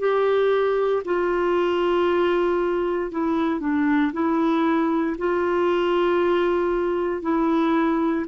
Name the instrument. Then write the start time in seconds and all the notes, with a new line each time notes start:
clarinet
0.00 G4
1.05 F4
3.12 E4
3.61 D4
4.13 E4
5.18 F4
7.22 E4